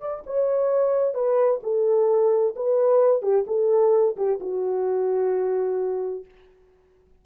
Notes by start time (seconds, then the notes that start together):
0.00 D5
0.26 C#5
1.14 B4
1.62 A4
2.55 B4
3.22 G4
3.47 A4
4.16 G4
4.40 F#4